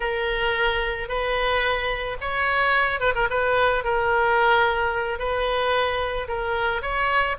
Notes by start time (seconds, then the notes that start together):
0.00 A#4
1.08 B4
2.20 C#5
3.00 B4
3.14 A#4
3.30 B4
3.84 A#4
5.18 B4
6.28 A#4
6.82 C#5